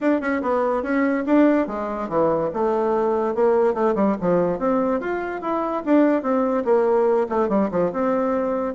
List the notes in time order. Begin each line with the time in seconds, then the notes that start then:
0.00 D4
0.20 C#4
0.41 B3
0.82 C#4
1.26 D4
1.67 G#3
2.08 E3
2.53 A3
3.34 A#3
3.73 A3
3.95 G3
4.21 F3
4.59 C4
5.00 F4
5.41 E4
5.85 D4
6.22 C4
6.64 A#3
7.29 A3
7.48 G3
7.71 F3
7.92 C4